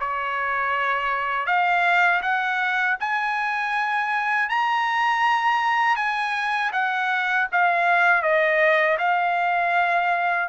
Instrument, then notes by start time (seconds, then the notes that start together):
trumpet
0.00 C#5
1.46 F5
2.22 F#5
3.00 G#5
4.49 A#5
5.96 G#5
6.72 F#5
7.52 F5
8.22 D#5
8.98 F5